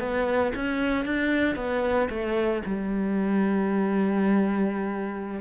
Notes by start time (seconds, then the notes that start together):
0.00 B3
0.56 C#4
1.06 D4
1.56 B3
2.10 A3
2.66 G3